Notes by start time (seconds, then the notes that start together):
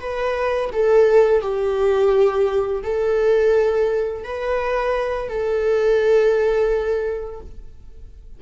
0.00 B4
0.73 A4
1.42 G4
2.84 A4
4.24 B4
5.29 A4